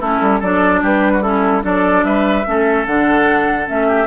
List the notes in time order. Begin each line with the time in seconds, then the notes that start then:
0.00 A3 C#4 E4 A4
0.21 G3
0.40 F#3 D4 A4 D5
0.82 G3 G4 B4
1.12 F#4
1.22 C#4 E4 A4
1.62 F#3 D4 A4 D5
2.04 G3 B4 E5
2.46 A3 C#4 A4
2.86 D3 D4 F#5
3.66 A3 C#4 E5
3.87 G4